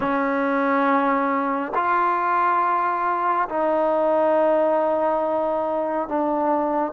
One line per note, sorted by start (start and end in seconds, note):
0.00 1.72 C#4
1.74 3.48 F4
3.48 6.08 D#4
6.08 6.92 D4